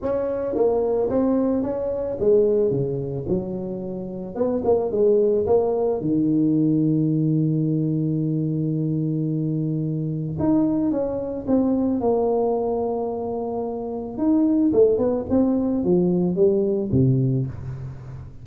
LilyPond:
\new Staff \with { instrumentName = "tuba" } { \time 4/4 \tempo 4 = 110 cis'4 ais4 c'4 cis'4 | gis4 cis4 fis2 | b8 ais8 gis4 ais4 dis4~ | dis1~ |
dis2. dis'4 | cis'4 c'4 ais2~ | ais2 dis'4 a8 b8 | c'4 f4 g4 c4 | }